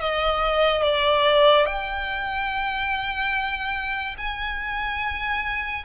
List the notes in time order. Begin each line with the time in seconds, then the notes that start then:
0.00 D#5
0.83 D5
1.66 G5
4.18 G#5